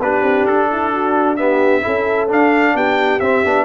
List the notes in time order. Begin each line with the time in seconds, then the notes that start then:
0.00 B3 D4 G4 B4
0.23 C4
0.44 D4 A4
0.72 E4
0.93 F#4
1.37 B3 G4 E5
1.82 C#4 E4 A4
2.29 D4 F5
2.75 B3 G4 G5
3.20 C4 E5
3.45 B3 D4